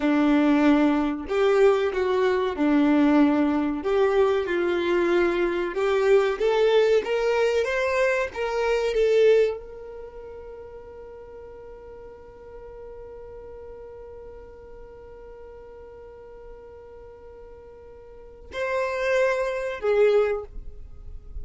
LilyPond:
\new Staff \with { instrumentName = "violin" } { \time 4/4 \tempo 4 = 94 d'2 g'4 fis'4 | d'2 g'4 f'4~ | f'4 g'4 a'4 ais'4 | c''4 ais'4 a'4 ais'4~ |
ais'1~ | ais'1~ | ais'1~ | ais'4 c''2 gis'4 | }